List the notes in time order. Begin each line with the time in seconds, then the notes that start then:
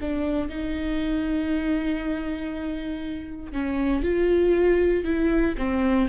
0.00 D4
0.49 D#4
3.52 C#4
4.02 F4
5.04 E4
5.57 C4